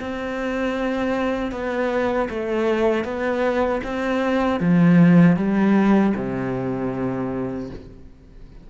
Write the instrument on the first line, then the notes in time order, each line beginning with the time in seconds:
cello
0.00 C4
1.51 B3
2.29 A3
3.04 B3
3.84 C4
4.60 F3
5.36 G3
6.16 C3